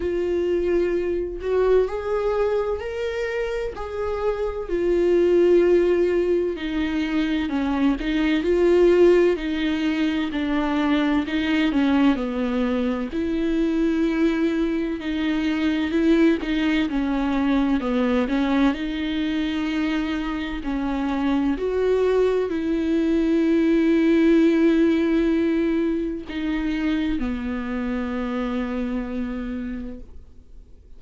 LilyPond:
\new Staff \with { instrumentName = "viola" } { \time 4/4 \tempo 4 = 64 f'4. fis'8 gis'4 ais'4 | gis'4 f'2 dis'4 | cis'8 dis'8 f'4 dis'4 d'4 | dis'8 cis'8 b4 e'2 |
dis'4 e'8 dis'8 cis'4 b8 cis'8 | dis'2 cis'4 fis'4 | e'1 | dis'4 b2. | }